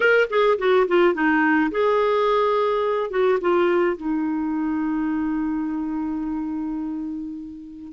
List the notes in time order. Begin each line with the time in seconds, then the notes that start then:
0.00 A#4
0.30 G#4
0.58 F#4
0.87 F4
1.14 D#4
1.71 G#4
3.10 F#4
3.40 F4
3.96 D#4